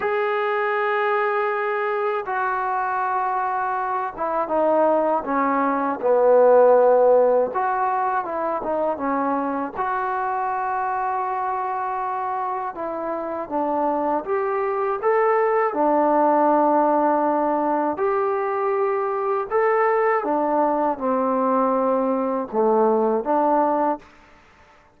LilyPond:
\new Staff \with { instrumentName = "trombone" } { \time 4/4 \tempo 4 = 80 gis'2. fis'4~ | fis'4. e'8 dis'4 cis'4 | b2 fis'4 e'8 dis'8 | cis'4 fis'2.~ |
fis'4 e'4 d'4 g'4 | a'4 d'2. | g'2 a'4 d'4 | c'2 a4 d'4 | }